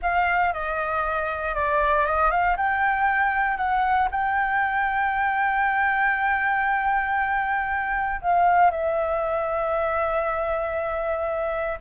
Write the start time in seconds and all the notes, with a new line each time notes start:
0.02 F5
0.53 D#5
1.54 D5
2.06 D#5
2.31 F5
2.56 G5
3.57 F#5
4.11 G5
8.21 F5
8.70 E5